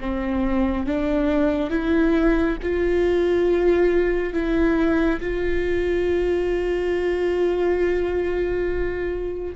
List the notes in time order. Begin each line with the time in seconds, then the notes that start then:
0.00 C4
0.86 D4
1.70 E4
2.62 F4
4.32 E4
5.20 F4